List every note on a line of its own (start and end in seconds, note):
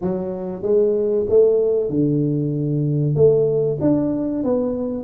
0.01 0.62 F#3
0.62 1.25 G#3
1.29 1.89 A3
1.89 3.15 D3
3.15 3.78 A3
3.81 4.43 D4
4.43 5.04 B3